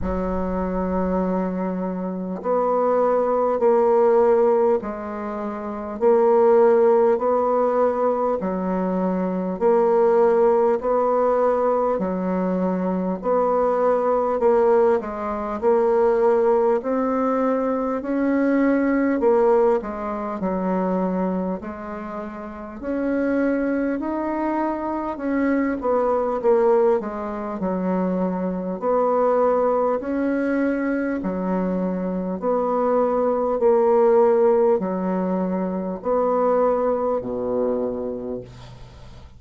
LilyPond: \new Staff \with { instrumentName = "bassoon" } { \time 4/4 \tempo 4 = 50 fis2 b4 ais4 | gis4 ais4 b4 fis4 | ais4 b4 fis4 b4 | ais8 gis8 ais4 c'4 cis'4 |
ais8 gis8 fis4 gis4 cis'4 | dis'4 cis'8 b8 ais8 gis8 fis4 | b4 cis'4 fis4 b4 | ais4 fis4 b4 b,4 | }